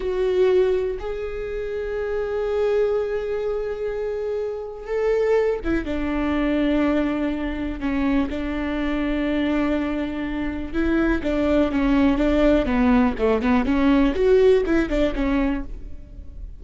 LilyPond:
\new Staff \with { instrumentName = "viola" } { \time 4/4 \tempo 4 = 123 fis'2 gis'2~ | gis'1~ | gis'2 a'4. e'8 | d'1 |
cis'4 d'2.~ | d'2 e'4 d'4 | cis'4 d'4 b4 a8 b8 | cis'4 fis'4 e'8 d'8 cis'4 | }